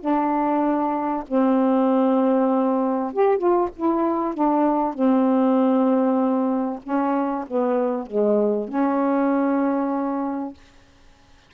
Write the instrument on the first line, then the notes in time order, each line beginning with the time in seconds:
saxophone
0.00 D4
1.28 C4
3.13 G4
3.38 F4
3.76 E4
4.34 D4
4.94 C4
6.83 C#4
7.47 B3
8.06 G#3
8.68 C#4